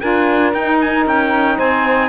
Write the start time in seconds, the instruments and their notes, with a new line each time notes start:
0.00 cello D4, saxophone F4 A#4, trumpet G#5
0.54 cello D#4, saxophone D#4, trumpet G5
0.81 trumpet G#5
1.06 cello C#4, trumpet G5
1.56 cello C4, saxophone C5, trumpet G#5